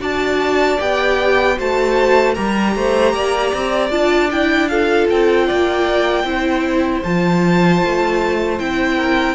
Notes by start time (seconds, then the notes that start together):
0.00 D4 F#4 D5 A5
0.79 B3 G4 G5
1.57 A3 F#4 C5 A5
2.34 G3 G4 A#4 A#5
2.76 A3 C5
3.14 A#3 D5
3.54 C4
3.90 D4 F4 A5
4.31 E4 G5
4.68 F4 A4 F5
5.09 C4 G5
5.47 A#3 D5
6.24 C4 E4 C5
7.03 F3 F4 A5
7.84 A3
8.59 C4 E4 G5
8.97 A#4